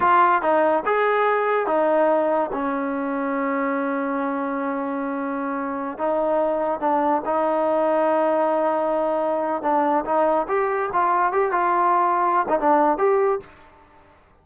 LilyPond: \new Staff \with { instrumentName = "trombone" } { \time 4/4 \tempo 4 = 143 f'4 dis'4 gis'2 | dis'2 cis'2~ | cis'1~ | cis'2~ cis'16 dis'4.~ dis'16~ |
dis'16 d'4 dis'2~ dis'8.~ | dis'2. d'4 | dis'4 g'4 f'4 g'8 f'8~ | f'4.~ f'16 dis'16 d'4 g'4 | }